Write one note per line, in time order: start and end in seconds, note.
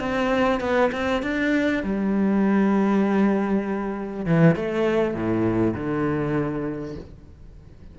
0.00 0.61 C4
0.61 0.91 B3
0.92 1.23 C4
1.23 1.83 D4
1.84 4.26 G3
4.26 4.56 E3
4.56 5.15 A3
5.15 5.74 A2
5.74 6.95 D3